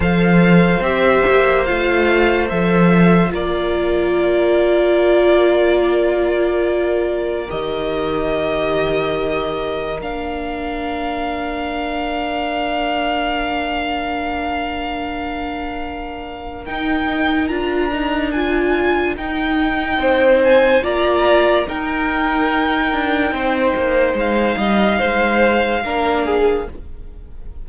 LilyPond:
<<
  \new Staff \with { instrumentName = "violin" } { \time 4/4 \tempo 4 = 72 f''4 e''4 f''4 e''4 | d''1~ | d''4 dis''2. | f''1~ |
f''1 | g''4 ais''4 gis''4 g''4~ | g''8 gis''8 ais''4 g''2~ | g''4 f''2. | }
  \new Staff \with { instrumentName = "violin" } { \time 4/4 c''1 | ais'1~ | ais'1~ | ais'1~ |
ais'1~ | ais'1 | c''4 d''4 ais'2 | c''4. dis''8 c''4 ais'8 gis'8 | }
  \new Staff \with { instrumentName = "viola" } { \time 4/4 a'4 g'4 f'4 a'4 | f'1~ | f'4 g'2. | d'1~ |
d'1 | dis'4 f'8 dis'8 f'4 dis'4~ | dis'4 f'4 dis'2~ | dis'2. d'4 | }
  \new Staff \with { instrumentName = "cello" } { \time 4/4 f4 c'8 ais8 a4 f4 | ais1~ | ais4 dis2. | ais1~ |
ais1 | dis'4 d'2 dis'4 | c'4 ais4 dis'4. d'8 | c'8 ais8 gis8 g8 gis4 ais4 | }
>>